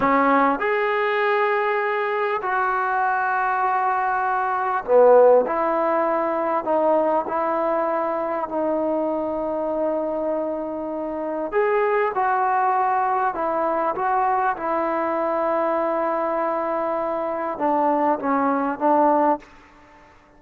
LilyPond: \new Staff \with { instrumentName = "trombone" } { \time 4/4 \tempo 4 = 99 cis'4 gis'2. | fis'1 | b4 e'2 dis'4 | e'2 dis'2~ |
dis'2. gis'4 | fis'2 e'4 fis'4 | e'1~ | e'4 d'4 cis'4 d'4 | }